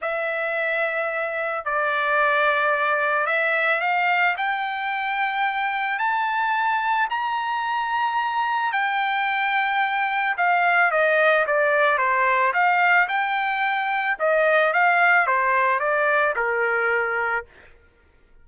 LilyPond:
\new Staff \with { instrumentName = "trumpet" } { \time 4/4 \tempo 4 = 110 e''2. d''4~ | d''2 e''4 f''4 | g''2. a''4~ | a''4 ais''2. |
g''2. f''4 | dis''4 d''4 c''4 f''4 | g''2 dis''4 f''4 | c''4 d''4 ais'2 | }